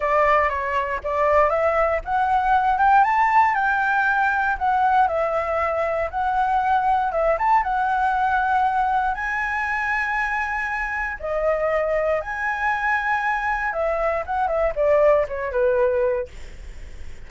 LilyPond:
\new Staff \with { instrumentName = "flute" } { \time 4/4 \tempo 4 = 118 d''4 cis''4 d''4 e''4 | fis''4. g''8 a''4 g''4~ | g''4 fis''4 e''2 | fis''2 e''8 a''8 fis''4~ |
fis''2 gis''2~ | gis''2 dis''2 | gis''2. e''4 | fis''8 e''8 d''4 cis''8 b'4. | }